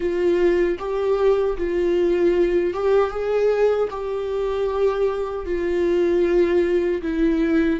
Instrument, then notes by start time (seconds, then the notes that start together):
viola
0.00 F4
0.78 G4
1.57 F4
2.73 G4
3.10 G#4
3.90 G4
5.45 F4
7.02 E4